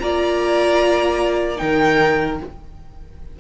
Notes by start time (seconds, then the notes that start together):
0.00 A#3 F4 D5 A#5
1.56 D#3 D#4 A#4 G5